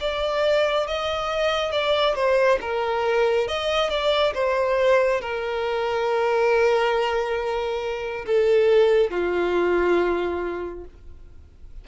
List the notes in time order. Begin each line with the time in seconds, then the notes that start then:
0.00 D5
0.87 D#5
1.72 D5
2.15 C5
2.60 A#4
3.47 D#5
3.90 D5
4.34 C5
5.21 A#4
8.26 A4
9.10 F4